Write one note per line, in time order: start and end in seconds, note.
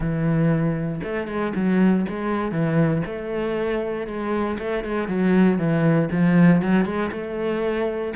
0.00 1.00 E3
1.03 1.27 A3
1.27 1.53 G#3
1.55 2.05 F#3
2.08 2.51 G#3
2.51 3.02 E3
3.05 4.06 A3
4.06 4.57 G#3
4.59 4.84 A3
4.84 5.08 G#3
5.08 5.58 F#3
5.58 6.09 E3
6.11 6.61 F3
6.61 6.85 F#3
6.85 7.10 G#3
7.11 8.13 A3